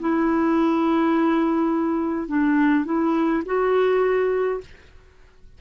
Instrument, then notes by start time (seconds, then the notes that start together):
clarinet
0.00 E4
2.28 D4
2.85 E4
3.46 F#4